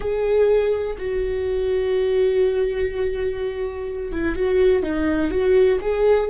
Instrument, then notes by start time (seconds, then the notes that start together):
viola
0.00 G#4
0.98 F#4
4.12 E4
4.35 F#4
4.83 D#4
5.30 F#4
5.81 G#4